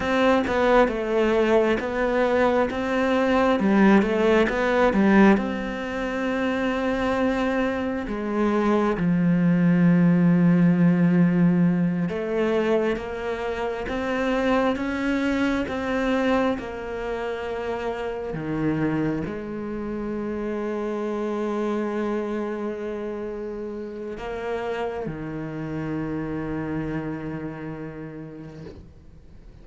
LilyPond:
\new Staff \with { instrumentName = "cello" } { \time 4/4 \tempo 4 = 67 c'8 b8 a4 b4 c'4 | g8 a8 b8 g8 c'2~ | c'4 gis4 f2~ | f4. a4 ais4 c'8~ |
c'8 cis'4 c'4 ais4.~ | ais8 dis4 gis2~ gis8~ | gis2. ais4 | dis1 | }